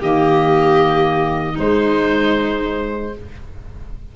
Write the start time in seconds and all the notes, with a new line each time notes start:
0.00 D#3 A#3 G4 D#5
1.52 G#3 D#4
1.59 G#3 C5